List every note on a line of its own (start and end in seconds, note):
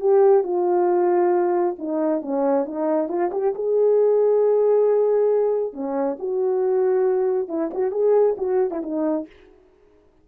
0.00 0.43 G4
0.43 1.75 F4
1.78 2.22 D#4
2.22 2.65 C#4
2.65 3.08 D#4
3.08 3.30 F4
3.31 3.53 G4
3.55 5.73 G#4
5.73 6.17 C#4
6.19 7.48 F#4
7.48 7.70 E4
7.74 7.91 F#4
7.91 8.35 G#4
8.37 8.70 F#4
8.71 8.82 E4
8.82 9.26 D#4